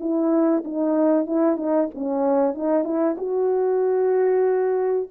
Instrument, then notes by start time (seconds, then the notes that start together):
horn
0.00 E4
0.64 D#4
1.26 E4
1.57 D#4
1.94 C#4
2.54 D#4
2.84 E4
3.17 F#4